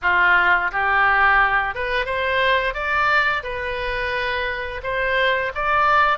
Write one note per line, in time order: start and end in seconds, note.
0.02 0.71 F4
0.71 1.74 G4
1.74 2.05 B4
2.05 2.74 C5
2.74 3.43 D5
3.43 4.81 B4
4.83 5.52 C5
5.55 6.18 D5